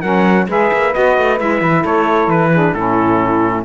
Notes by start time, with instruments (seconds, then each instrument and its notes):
0.00 cello F#3, saxophone C#4 A#4, trumpet F#5
0.48 cello G#3, saxophone G#4 B4, trumpet E5
0.72 cello A#3
0.91 cello B3, saxophone F#4, trumpet D#5
1.17 cello A3
1.37 cello G#3, saxophone E4, trumpet E5
1.61 cello E3
1.81 cello A3, saxophone A4, trumpet C#5
2.27 cello E3, trumpet B4
2.52 saxophone D4 G#4
2.73 cello A2, saxophone C#4 E4, trumpet A4